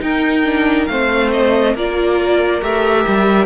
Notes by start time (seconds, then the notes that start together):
0.00 D#4 A#4 G5
0.44 D4
0.86 A3 C4 C5 F5
1.32 D#5
1.75 A#3 F4 A#4 D5
2.61 A3 G4 E5
3.07 G3